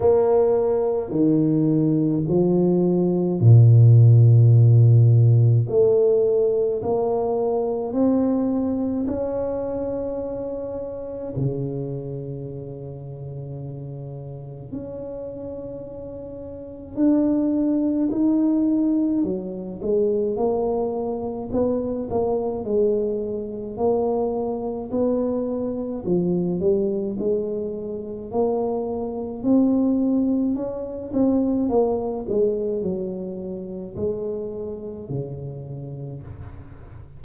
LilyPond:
\new Staff \with { instrumentName = "tuba" } { \time 4/4 \tempo 4 = 53 ais4 dis4 f4 ais,4~ | ais,4 a4 ais4 c'4 | cis'2 cis2~ | cis4 cis'2 d'4 |
dis'4 fis8 gis8 ais4 b8 ais8 | gis4 ais4 b4 f8 g8 | gis4 ais4 c'4 cis'8 c'8 | ais8 gis8 fis4 gis4 cis4 | }